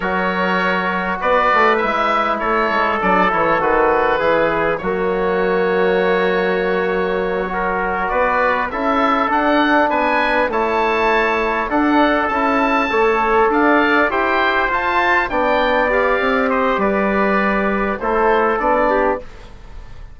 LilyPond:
<<
  \new Staff \with { instrumentName = "oboe" } { \time 4/4 \tempo 4 = 100 cis''2 d''4 e''4 | cis''4 d''8 cis''8 b'2 | cis''1~ | cis''4. d''4 e''4 fis''8~ |
fis''8 gis''4 a''2 fis''8~ | fis''8 a''2 f''4 g''8~ | g''8 a''4 g''4 f''4 dis''8 | d''2 c''4 d''4 | }
  \new Staff \with { instrumentName = "trumpet" } { \time 4/4 ais'2 b'2 | a'2. gis'4 | fis'1~ | fis'8 ais'4 b'4 a'4.~ |
a'8 b'4 cis''2 a'8~ | a'4. cis''4 d''4 c''8~ | c''4. d''2 c''8 | b'2 a'4. g'8 | }
  \new Staff \with { instrumentName = "trombone" } { \time 4/4 fis'2. e'4~ | e'4 d'8 e'8 fis'4 e'4 | ais1~ | ais8 fis'2 e'4 d'8~ |
d'4. e'2 d'8~ | d'8 e'4 a'2 g'8~ | g'8 f'4 d'4 g'4.~ | g'2 e'4 d'4 | }
  \new Staff \with { instrumentName = "bassoon" } { \time 4/4 fis2 b8 a8 gis4 | a8 gis8 fis8 e8 dis4 e4 | fis1~ | fis4. b4 cis'4 d'8~ |
d'8 b4 a2 d'8~ | d'8 cis'4 a4 d'4 e'8~ | e'8 f'4 b4. c'4 | g2 a4 b4 | }
>>